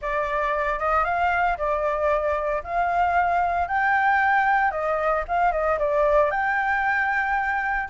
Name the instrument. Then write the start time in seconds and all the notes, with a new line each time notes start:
flute
0.01 D5
0.79 D#5
1.04 F5
1.57 D5
2.63 F5
3.67 G5
4.71 D#5
5.28 F5
5.51 D#5
5.78 D5
6.30 G5